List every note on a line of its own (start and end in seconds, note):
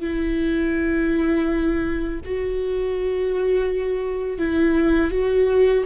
0.00 2.20 E4
2.25 4.38 F#4
4.38 5.11 E4
5.11 5.84 F#4